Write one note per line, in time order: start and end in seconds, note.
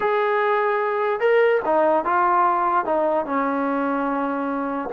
0.00 1.19 G#4
1.19 1.60 A#4
1.65 2.05 D#4
2.05 2.85 F4
2.85 3.25 D#4
3.25 4.89 C#4